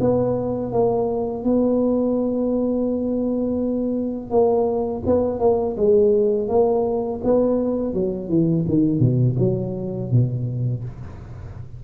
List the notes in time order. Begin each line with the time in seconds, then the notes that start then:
0.00 B3
0.72 A#3
1.44 B3
4.30 A#3
5.05 B3
5.39 A#3
5.76 G#3
6.48 A#3
7.23 B3
7.93 F#3
8.28 E3
8.68 D#3
8.99 B2
9.39 F#3
10.11 B2